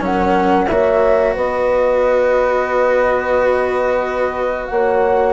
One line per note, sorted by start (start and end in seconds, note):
0.00 0.67 F#3
0.00 0.67 C#4
0.00 0.69 A#4
0.00 0.68 F#5
0.68 1.36 A#3
0.68 5.33 F#4
0.68 1.34 C#5
0.68 1.34 E5
1.34 4.69 B3
1.34 4.67 B4
1.34 4.67 D#5
4.67 5.33 A#3
4.67 5.33 C#5
4.67 5.33 F#5